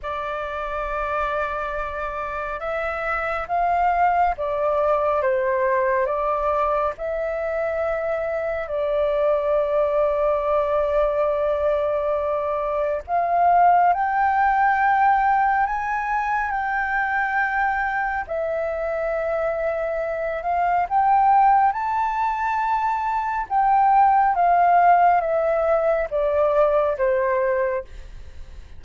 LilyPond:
\new Staff \with { instrumentName = "flute" } { \time 4/4 \tempo 4 = 69 d''2. e''4 | f''4 d''4 c''4 d''4 | e''2 d''2~ | d''2. f''4 |
g''2 gis''4 g''4~ | g''4 e''2~ e''8 f''8 | g''4 a''2 g''4 | f''4 e''4 d''4 c''4 | }